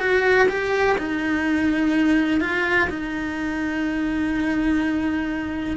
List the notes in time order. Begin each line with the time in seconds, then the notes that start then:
0.00 F#4
0.49 G4
0.98 D#4
2.41 F4
2.90 D#4